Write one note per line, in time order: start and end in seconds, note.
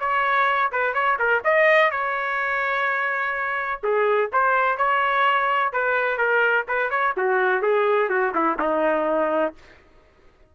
0.00 0.71 C#5
0.72 0.94 B4
0.94 1.18 C#5
1.19 1.43 A#4
1.44 1.91 D#5
1.91 3.82 C#5
3.83 4.31 G#4
4.33 4.77 C5
4.77 5.73 C#5
5.73 6.18 B4
6.18 6.66 A#4
6.68 6.90 B4
6.90 7.14 C#5
7.17 7.62 F#4
7.62 8.10 G#4
8.10 8.33 F#4
8.35 8.58 E4
8.59 9.54 D#4